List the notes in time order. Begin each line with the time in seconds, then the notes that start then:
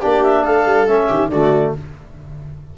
0.00 A#3 D4 G4 D5
0.23 E5
0.43 A3 A4 F5
0.66 G3
0.87 A3 C#4 E5
1.08 D#3 G4
1.29 D3 A3 F#4 D5